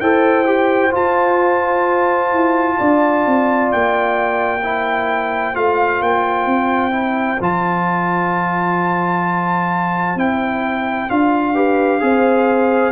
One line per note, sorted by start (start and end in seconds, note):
0.00 0.93 E4
0.00 0.45 A4
0.00 2.78 C5
0.00 0.92 G5
0.45 0.91 G4
0.91 4.60 F4
0.91 2.32 F4
0.91 3.72 A5
2.32 2.78 E4
2.78 3.26 D4
2.78 4.61 D5
3.26 3.72 C4
3.72 5.56 A#3
3.72 5.56 G5
4.61 5.54 E4
4.61 11.53 C5
5.54 6.01 A3
5.54 6.91 F4
5.54 6.02 F5
6.01 6.46 A#3
6.01 7.40 G5
6.46 7.38 C4
6.91 7.37 E4
7.40 10.15 F3
7.40 10.17 F4
7.40 10.19 A5
10.15 11.07 C4
10.15 11.09 E4
10.15 11.10 G5
11.09 12.02 D4
11.09 11.54 F4
11.09 12.92 F5
11.54 12.00 G4
11.54 12.00 B4
12.00 12.92 C4
12.00 12.92 G#4
12.00 12.92 C5